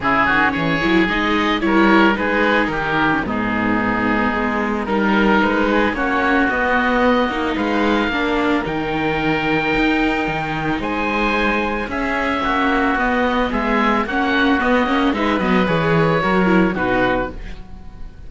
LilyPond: <<
  \new Staff \with { instrumentName = "oboe" } { \time 4/4 \tempo 4 = 111 gis'4 cis''4 dis''4 cis''4 | b'4 ais'4 gis'2~ | gis'4 ais'4 b'4 cis''4 | dis''2 f''2 |
g''1 | gis''2 e''2 | dis''4 e''4 fis''4 dis''4 | e''8 dis''8 cis''2 b'4 | }
  \new Staff \with { instrumentName = "oboe" } { \time 4/4 e'8 fis'8 gis'2 ais'4 | gis'4 g'4 dis'2~ | dis'4 ais'4. gis'8 fis'4~ | fis'2 b'4 ais'4~ |
ais'1 | c''2 gis'4 fis'4~ | fis'4 gis'4 fis'2 | b'2 ais'4 fis'4 | }
  \new Staff \with { instrumentName = "viola" } { \time 4/4 cis'4. e'8 dis'4 e'4 | dis'4.~ dis'16 cis'16 b2~ | b4 dis'2 cis'4 | b4. dis'4. d'4 |
dis'1~ | dis'2 cis'2 | b2 cis'4 b8 cis'8 | dis'8 b8 gis'4 fis'8 e'8 dis'4 | }
  \new Staff \with { instrumentName = "cello" } { \time 4/4 cis8 dis8 e8 fis8 gis4 g4 | gis4 dis4 gis,2 | gis4 g4 gis4 ais4 | b4. ais8 gis4 ais4 |
dis2 dis'4 dis4 | gis2 cis'4 ais4 | b4 gis4 ais4 b8 ais8 | gis8 fis8 e4 fis4 b,4 | }
>>